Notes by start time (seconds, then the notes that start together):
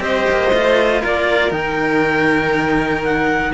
0.00 C4 G4 C5 D#5
0.30 A#3
0.51 A3 F4
1.01 A#3 A#4 D5
1.50 D#3 D#4 G5
3.04 F#5